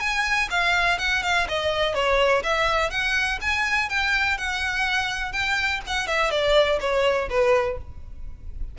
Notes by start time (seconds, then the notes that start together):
0.00 G#5
0.50 F5
0.99 F#5
1.23 F5
1.49 D#5
1.94 C#5
2.43 E5
2.91 F#5
3.41 G#5
3.89 G5
4.38 F#5
5.32 G5
5.87 F#5
6.07 E5
6.31 D5
6.80 C#5
7.30 B4